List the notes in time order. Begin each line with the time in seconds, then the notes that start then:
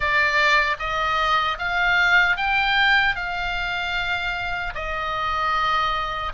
0.00 D5
0.79 D#5
1.58 F5
2.36 G5
3.15 F5
4.74 D#5